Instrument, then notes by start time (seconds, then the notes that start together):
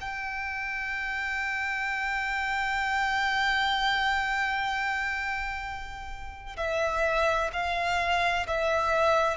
violin
0.00 G5
6.56 E5
7.53 F5
8.47 E5